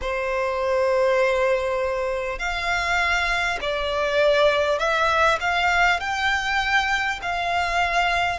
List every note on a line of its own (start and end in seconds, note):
0.01 2.38 C5
2.38 3.58 F5
3.61 4.78 D5
4.78 5.38 E5
5.40 6.00 F5
6.00 7.20 G5
7.22 8.39 F5